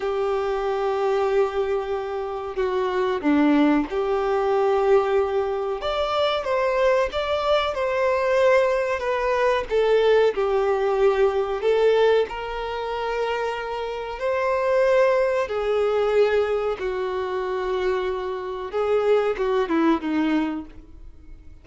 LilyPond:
\new Staff \with { instrumentName = "violin" } { \time 4/4 \tempo 4 = 93 g'1 | fis'4 d'4 g'2~ | g'4 d''4 c''4 d''4 | c''2 b'4 a'4 |
g'2 a'4 ais'4~ | ais'2 c''2 | gis'2 fis'2~ | fis'4 gis'4 fis'8 e'8 dis'4 | }